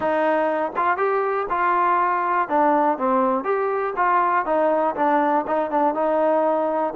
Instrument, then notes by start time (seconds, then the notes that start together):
trombone
0.00 D#4
0.76 F4
0.97 G4
1.49 F4
2.48 D4
2.98 C4
3.44 G4
3.96 F4
4.45 D#4
4.95 D4
5.47 D#4
5.70 D4
5.94 D#4